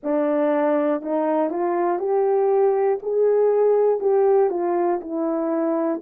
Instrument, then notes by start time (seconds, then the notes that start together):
horn
0.03 D4
1.02 D#4
1.50 F4
1.99 G4
3.02 G#4
4.00 G4
4.50 F4
5.00 E4